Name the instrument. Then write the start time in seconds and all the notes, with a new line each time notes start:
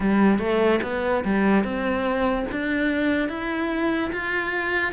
cello
0.00 G3
0.38 A3
0.82 B3
1.24 G3
1.64 C4
2.51 D4
3.28 E4
4.12 F4